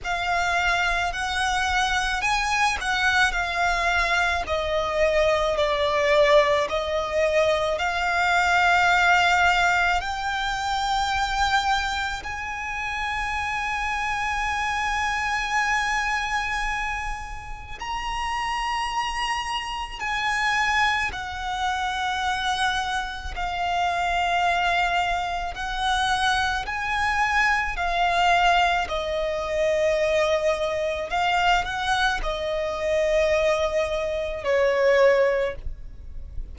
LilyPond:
\new Staff \with { instrumentName = "violin" } { \time 4/4 \tempo 4 = 54 f''4 fis''4 gis''8 fis''8 f''4 | dis''4 d''4 dis''4 f''4~ | f''4 g''2 gis''4~ | gis''1 |
ais''2 gis''4 fis''4~ | fis''4 f''2 fis''4 | gis''4 f''4 dis''2 | f''8 fis''8 dis''2 cis''4 | }